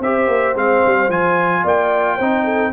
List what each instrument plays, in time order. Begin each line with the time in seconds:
0.00 tuba C4, trombone G4, horn C5, trumpet E5
0.28 tuba A#3
0.55 tuba G#3, trombone C4, trumpet F5
0.86 tuba G3
1.09 tuba F3, trombone F4, trumpet G#5
1.64 tuba A#3, horn D5, trumpet G5
2.16 tuba C4, trombone D#4, horn C5
2.44 horn A4